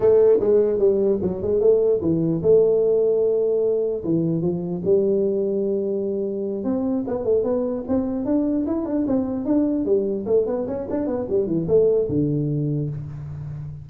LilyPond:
\new Staff \with { instrumentName = "tuba" } { \time 4/4 \tempo 4 = 149 a4 gis4 g4 fis8 gis8 | a4 e4 a2~ | a2 e4 f4 | g1~ |
g8 c'4 b8 a8 b4 c'8~ | c'8 d'4 e'8 d'8 c'4 d'8~ | d'8 g4 a8 b8 cis'8 d'8 b8 | g8 e8 a4 d2 | }